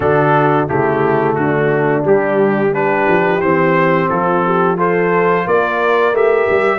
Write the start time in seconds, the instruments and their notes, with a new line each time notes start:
0.00 tuba D3, trombone D4, horn F#4, trumpet A4
0.67 tuba C#3, trombone A3, horn E4, trumpet G4
1.34 tuba D3, horn D4, trumpet F#4
2.03 tuba G3, trombone G3, trumpet G4
2.72 trombone D4, horn G4, trumpet B4
3.08 tuba F3
3.40 tuba E3, trombone C4, trumpet C5
4.09 tuba F3, horn F4, trumpet A4
4.45 horn G4
4.77 trombone F4, horn A4, trumpet C5
5.46 tuba A#3, horn A#4, trumpet D5
6.12 tuba A3, trombone G4, trumpet E5
6.50 tuba G3